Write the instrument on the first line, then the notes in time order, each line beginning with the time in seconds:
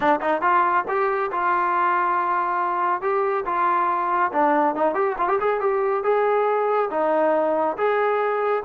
trombone
0.00 D4
0.20 D#4
0.41 F4
0.88 G4
1.31 F4
3.01 G4
3.45 F4
4.32 D4
4.75 D#4
4.94 G4
5.18 F4
5.28 G4
5.40 G#4
5.60 G4
6.03 G#4
6.90 D#4
7.77 G#4